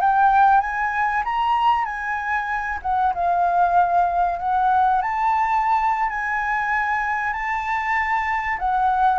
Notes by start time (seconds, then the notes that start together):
0.00 G5
0.60 G#5
1.24 A#5
1.85 G#5
2.82 F#5
3.14 F5
4.39 F#5
5.01 A5
6.09 G#5
7.33 A5
8.58 F#5